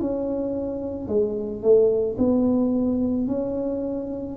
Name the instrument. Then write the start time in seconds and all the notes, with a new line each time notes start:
tuba
0.00 C#4
1.08 G#3
1.62 A3
2.18 B3
3.27 C#4